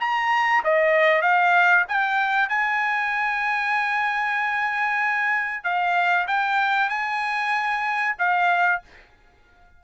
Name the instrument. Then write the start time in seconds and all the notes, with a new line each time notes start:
trumpet
0.00 A#5
0.64 D#5
1.22 F5
1.88 G5
2.49 G#5
5.63 F5
6.27 G5
6.89 G#5
8.18 F5